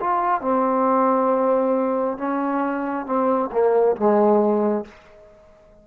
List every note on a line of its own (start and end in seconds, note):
0.00 0.41 F4
0.41 2.17 C4
2.17 3.06 C#4
3.06 3.50 C4
3.52 3.96 A#3
3.96 4.84 G#3